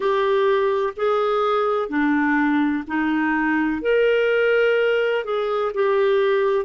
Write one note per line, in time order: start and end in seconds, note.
0.00 0.93 G4
0.96 1.88 G#4
1.88 2.84 D4
2.87 3.81 D#4
3.81 5.24 A#4
5.24 5.71 G#4
5.74 6.65 G4